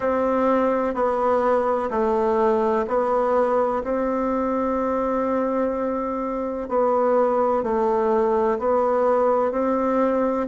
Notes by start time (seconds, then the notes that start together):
0.00 C4
0.94 B3
1.90 A3
2.87 B3
3.83 C4
6.68 B3
7.63 A3
8.58 B3
9.52 C4